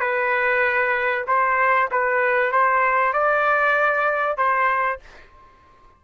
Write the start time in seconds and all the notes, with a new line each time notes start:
0.00 B4
1.27 C5
1.91 B4
2.52 C5
3.13 D5
4.37 C5